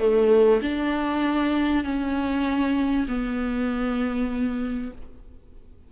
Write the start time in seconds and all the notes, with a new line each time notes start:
0.00 A3
0.62 D4
1.84 C#4
3.08 B3